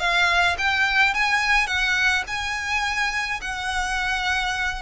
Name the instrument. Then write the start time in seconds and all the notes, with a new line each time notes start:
violin
0.00 F5
0.58 G5
1.14 G#5
1.67 F#5
2.28 G#5
3.42 F#5